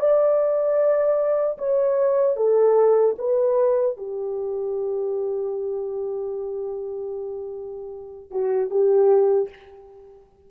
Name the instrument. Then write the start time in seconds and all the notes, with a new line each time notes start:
horn
0.00 D5
1.59 C#5
2.37 A4
3.19 B4
3.98 G4
8.31 F#4
8.71 G4